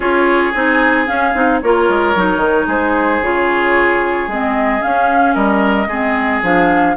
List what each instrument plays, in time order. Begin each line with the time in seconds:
0.00 bassoon C#4, clarinet F4, oboe G#4, flute C#5
0.52 bassoon C4, clarinet D#4, flute G#5
1.06 clarinet C#4, bassoon C#4, flute F5
1.33 bassoon C4, clarinet D#4
1.61 bassoon A#3, clarinet F4, oboe A#4, flute C#5
1.88 bassoon G#3
2.15 bassoon F#3, clarinet D#4
2.36 bassoon D#3
2.67 bassoon G#3, oboe G#4, flute C5
3.20 bassoon C#3, clarinet F4, flute C#5
4.27 bassoon G#3, clarinet C4, flute D#5
4.80 clarinet C#4, bassoon C#4, flute F5
5.34 bassoon G3, oboe A#4, flute D#5
5.87 bassoon G#3, clarinet C4, oboe G#4
6.42 bassoon F3, clarinet D4, flute F5